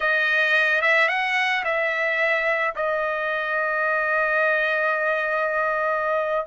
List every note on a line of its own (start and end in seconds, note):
0.00 0.81 D#5
0.81 1.08 E5
1.08 1.63 F#5
1.64 2.74 E5
2.75 6.46 D#5